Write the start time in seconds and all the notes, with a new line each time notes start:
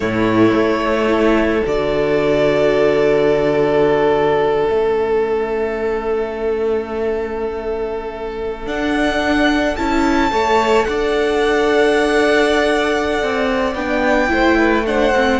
0.00 A2 A3 E4 C#5
0.51 A3
1.07 E4 A4
1.65 D3 F#4 D5
4.67 A3 C#4 E5
8.66 D4 F#5
9.76 C#4 E4 A5
10.31 A3 A4 C#5
10.84 D4 D5 F#5
13.22 C4
13.74 B3 D4 G5
14.28 A3 E4 C5
14.58 B4
14.86 D4 C5 F#5
15.15 C4